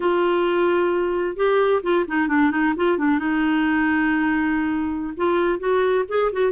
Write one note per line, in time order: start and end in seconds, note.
0.00 1.36 F4
1.36 1.82 G4
1.82 2.05 F4
2.07 2.28 D#4
2.28 2.51 D4
2.51 2.74 D#4
2.76 2.98 F4
2.98 3.19 D4
3.19 5.13 D#4
5.16 5.59 F4
5.59 6.05 F#4
6.08 6.31 G#4
6.32 6.52 F#4